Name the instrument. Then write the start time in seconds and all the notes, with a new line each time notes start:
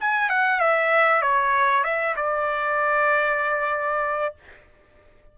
trumpet
0.00 G#5
0.29 F#5
0.60 E5
1.22 C#5
1.84 E5
2.16 D5